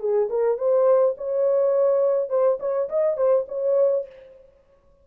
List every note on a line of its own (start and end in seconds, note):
0.00 0.29 G#4
0.29 0.58 A#4
0.58 1.16 C5
1.17 2.29 C#5
2.29 2.58 C5
2.60 2.89 C#5
2.89 3.17 D#5
3.17 3.46 C5
3.49 4.06 C#5